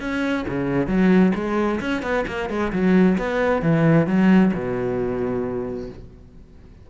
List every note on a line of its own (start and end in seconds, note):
0.00 0.45 C#4
0.48 0.87 C#3
0.87 1.32 F#3
1.35 1.80 G#3
1.80 2.02 C#4
2.02 2.25 B3
2.27 2.50 A#3
2.50 2.72 G#3
2.72 3.17 F#3
3.18 3.62 B3
3.62 4.07 E3
4.07 4.52 F#3
4.54 5.89 B2